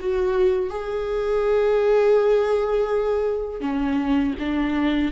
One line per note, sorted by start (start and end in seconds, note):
0.00 0.70 F#4
0.70 3.61 G#4
3.61 4.34 C#4
4.39 5.12 D4